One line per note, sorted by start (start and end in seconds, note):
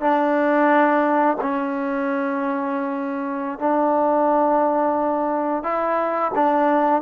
0.00 1.36 D4
1.41 3.59 C#4
3.59 5.63 D4
5.63 6.31 E4
6.35 7.01 D4